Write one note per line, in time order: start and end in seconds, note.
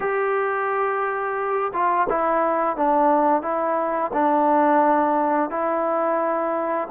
0.00 1.71 G4
1.73 2.07 F4
2.09 2.76 E4
2.76 3.42 D4
3.42 4.11 E4
4.13 5.50 D4
5.50 6.87 E4